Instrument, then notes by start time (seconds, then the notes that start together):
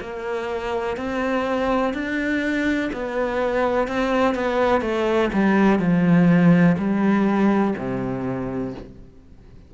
cello
0.00 A#3
0.97 C4
1.94 D4
2.93 B3
3.87 C4
4.35 B3
4.81 A3
5.33 G3
5.79 F3
6.77 G3
7.77 C3